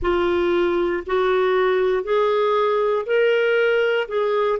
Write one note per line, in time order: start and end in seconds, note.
0.01 1.03 F4
1.06 2.03 F#4
2.03 3.05 G#4
3.06 4.07 A#4
4.08 4.59 G#4